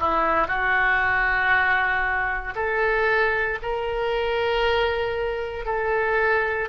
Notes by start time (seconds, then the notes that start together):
0.00 E4
0.47 F#4
2.56 A4
3.63 A#4
5.66 A4